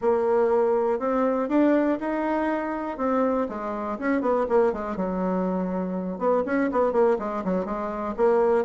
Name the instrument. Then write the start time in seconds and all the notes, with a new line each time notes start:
bassoon
0.01 A#3
0.99 C4
1.48 D4
2.00 D#4
2.97 C4
3.48 G#3
3.98 C#4
4.21 B3
4.49 A#3
4.72 G#3
4.96 F#3
6.18 B3
6.45 C#4
6.71 B3
6.92 A#3
7.19 G#3
7.44 F#3
7.65 G#3
8.16 A#3